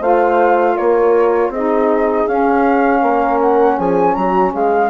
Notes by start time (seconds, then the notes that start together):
0.00 A3 F4 C5 F5
0.76 A#3 A#4 C#5
1.49 C4 G#4 D#5
1.56 D#4
2.27 C#4 F5
3.02 A#3 A#4
3.41 F#5
3.78 F3 G#4 G#5
4.15 F#3 F#4 A#5
4.53 G#3 G#4 F5